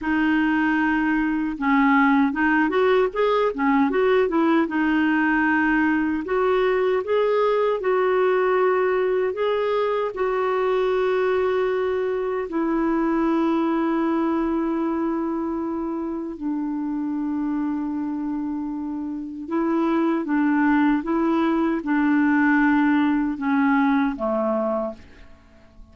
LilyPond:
\new Staff \with { instrumentName = "clarinet" } { \time 4/4 \tempo 4 = 77 dis'2 cis'4 dis'8 fis'8 | gis'8 cis'8 fis'8 e'8 dis'2 | fis'4 gis'4 fis'2 | gis'4 fis'2. |
e'1~ | e'4 d'2.~ | d'4 e'4 d'4 e'4 | d'2 cis'4 a4 | }